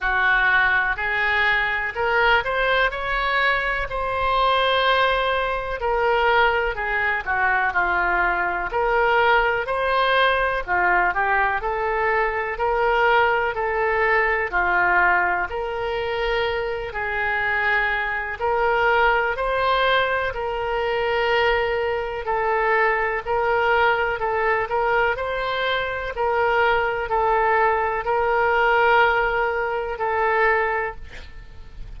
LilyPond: \new Staff \with { instrumentName = "oboe" } { \time 4/4 \tempo 4 = 62 fis'4 gis'4 ais'8 c''8 cis''4 | c''2 ais'4 gis'8 fis'8 | f'4 ais'4 c''4 f'8 g'8 | a'4 ais'4 a'4 f'4 |
ais'4. gis'4. ais'4 | c''4 ais'2 a'4 | ais'4 a'8 ais'8 c''4 ais'4 | a'4 ais'2 a'4 | }